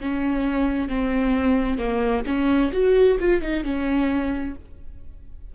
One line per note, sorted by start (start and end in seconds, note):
0.00 0.89 C#4
0.89 1.79 C4
1.79 2.24 A#3
2.26 2.71 C#4
2.73 3.18 F#4
3.20 3.41 F4
3.41 3.64 D#4
3.64 4.55 C#4